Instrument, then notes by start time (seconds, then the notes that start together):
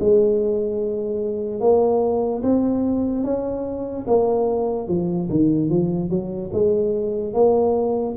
tuba
0.00 G#3
1.60 A#3
2.43 C4
3.24 C#4
4.07 A#3
4.88 F3
5.30 D#3
5.70 F3
6.09 F#3
6.53 G#3
7.33 A#3